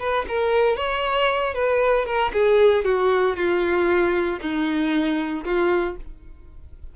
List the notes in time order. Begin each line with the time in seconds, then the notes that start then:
0.00 B4
0.29 A#4
0.77 C#5
1.55 B4
2.06 A#4
2.33 G#4
2.85 F#4
3.37 F4
4.41 D#4
5.45 F4